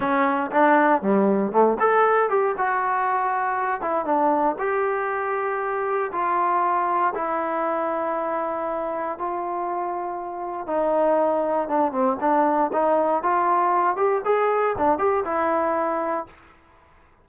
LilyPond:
\new Staff \with { instrumentName = "trombone" } { \time 4/4 \tempo 4 = 118 cis'4 d'4 g4 a8 a'8~ | a'8 g'8 fis'2~ fis'8 e'8 | d'4 g'2. | f'2 e'2~ |
e'2 f'2~ | f'4 dis'2 d'8 c'8 | d'4 dis'4 f'4. g'8 | gis'4 d'8 g'8 e'2 | }